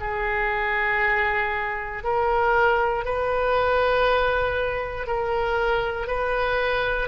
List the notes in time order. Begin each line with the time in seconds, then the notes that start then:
0.00 G#4
2.04 A#4
3.05 B4
5.07 A#4
6.07 B4